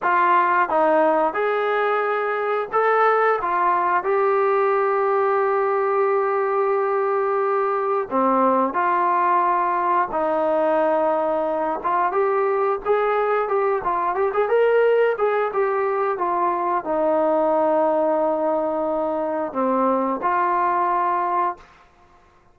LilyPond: \new Staff \with { instrumentName = "trombone" } { \time 4/4 \tempo 4 = 89 f'4 dis'4 gis'2 | a'4 f'4 g'2~ | g'1 | c'4 f'2 dis'4~ |
dis'4. f'8 g'4 gis'4 | g'8 f'8 g'16 gis'16 ais'4 gis'8 g'4 | f'4 dis'2.~ | dis'4 c'4 f'2 | }